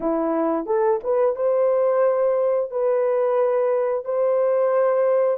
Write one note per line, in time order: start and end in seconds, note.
0.00 0.66 E4
0.66 0.99 A4
1.03 1.35 B4
1.35 2.70 C5
2.70 4.04 B4
4.04 5.37 C5